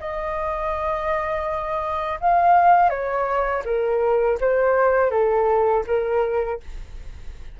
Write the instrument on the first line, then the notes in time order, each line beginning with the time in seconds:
flute
0.00 D#5
2.21 F5
2.90 C#5
3.65 A#4
4.40 C5
5.11 A4
5.87 A#4